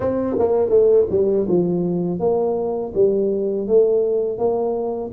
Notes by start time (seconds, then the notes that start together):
0.00 C4
0.38 A#3
0.70 A3
1.10 G3
1.48 F3
2.19 A#3
2.94 G3
3.67 A3
4.38 A#3